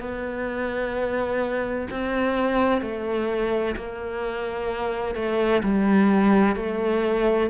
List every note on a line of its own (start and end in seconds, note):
0.00 1.87 B3
1.90 2.82 C4
2.82 3.75 A3
3.76 5.15 A#3
5.15 5.62 A3
5.63 6.56 G3
6.56 7.50 A3